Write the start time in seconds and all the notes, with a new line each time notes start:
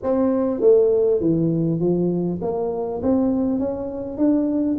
0.02 C4
0.60 A3
1.20 E3
1.79 F3
2.41 A#3
3.02 C4
3.59 C#4
4.17 D4